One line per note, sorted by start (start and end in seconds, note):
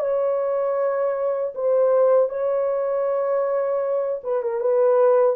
0.00 1.54 C#5
1.55 2.29 C5
2.29 4.21 C#5
4.23 4.43 B4
4.43 4.60 A#4
4.60 5.36 B4